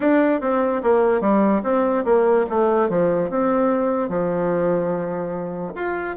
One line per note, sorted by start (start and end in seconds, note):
0.00 0.41 D4
0.41 0.82 C4
0.83 1.21 A#3
1.21 1.62 G3
1.63 2.04 C4
2.04 2.45 A#3
2.49 2.89 A3
2.89 3.30 F3
3.30 4.09 C4
4.09 5.73 F3
5.75 6.16 F4